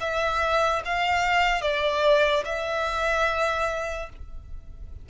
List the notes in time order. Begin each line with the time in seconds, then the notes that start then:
0.00 E5
0.85 F5
1.61 D5
2.45 E5